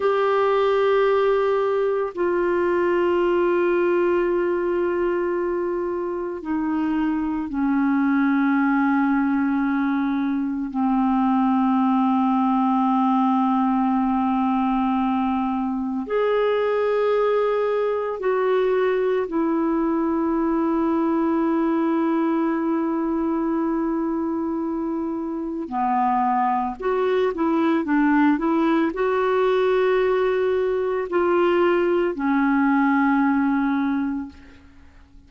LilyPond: \new Staff \with { instrumentName = "clarinet" } { \time 4/4 \tempo 4 = 56 g'2 f'2~ | f'2 dis'4 cis'4~ | cis'2 c'2~ | c'2. gis'4~ |
gis'4 fis'4 e'2~ | e'1 | b4 fis'8 e'8 d'8 e'8 fis'4~ | fis'4 f'4 cis'2 | }